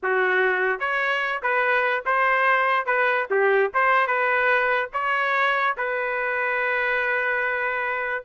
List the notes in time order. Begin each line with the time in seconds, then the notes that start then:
0.02 F#4
0.79 C#5
1.42 B4
2.05 C5
2.85 B4
3.30 G4
3.74 C5
4.07 B4
4.93 C#5
5.77 B4